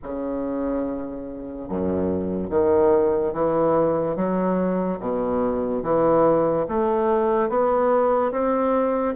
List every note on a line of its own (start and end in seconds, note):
0.03 1.68 C#3
1.68 2.50 F#2
2.50 3.33 D#3
3.33 4.16 E3
4.16 4.99 F#3
4.99 5.83 B2
5.83 6.66 E3
6.68 7.49 A3
7.49 8.31 B3
8.31 9.14 C4